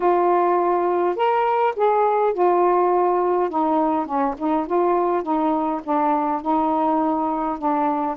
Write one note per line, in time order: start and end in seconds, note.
0.00 1.15 F4
1.15 1.74 A#4
1.76 2.33 G#4
2.33 3.50 F4
3.50 4.05 D#4
4.05 4.35 C#4
4.38 4.66 D#4
4.66 5.23 F4
5.23 5.81 D#4
5.83 6.41 D4
6.41 7.58 D#4
7.58 8.16 D4